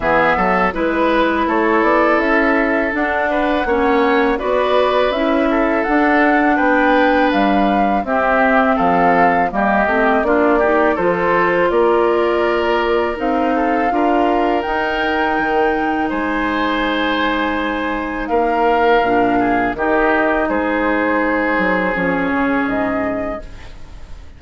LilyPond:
<<
  \new Staff \with { instrumentName = "flute" } { \time 4/4 \tempo 4 = 82 e''4 b'4 cis''8 d''8 e''4 | fis''2 d''4 e''4 | fis''4 g''4 f''4 e''4 | f''4 dis''4 d''4 c''4 |
d''2 f''2 | g''2 gis''2~ | gis''4 f''2 dis''4 | c''2 cis''4 dis''4 | }
  \new Staff \with { instrumentName = "oboe" } { \time 4/4 gis'8 a'8 b'4 a'2~ | a'8 b'8 cis''4 b'4. a'8~ | a'4 b'2 g'4 | a'4 g'4 f'8 g'8 a'4 |
ais'2~ ais'8 a'8 ais'4~ | ais'2 c''2~ | c''4 ais'4. gis'8 g'4 | gis'1 | }
  \new Staff \with { instrumentName = "clarinet" } { \time 4/4 b4 e'2. | d'4 cis'4 fis'4 e'4 | d'2. c'4~ | c'4 ais8 c'8 d'8 dis'8 f'4~ |
f'2 dis'4 f'4 | dis'1~ | dis'2 d'4 dis'4~ | dis'2 cis'2 | }
  \new Staff \with { instrumentName = "bassoon" } { \time 4/4 e8 fis8 gis4 a8 b8 cis'4 | d'4 ais4 b4 cis'4 | d'4 b4 g4 c'4 | f4 g8 a8 ais4 f4 |
ais2 c'4 d'4 | dis'4 dis4 gis2~ | gis4 ais4 ais,4 dis4 | gis4. fis8 f8 cis8 gis,4 | }
>>